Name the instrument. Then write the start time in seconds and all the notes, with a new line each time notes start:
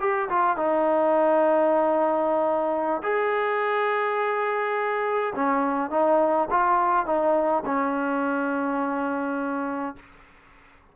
trombone
0.00 G4
0.29 F4
0.57 D#4
3.03 G#4
5.35 C#4
5.91 D#4
6.50 F4
7.06 D#4
7.65 C#4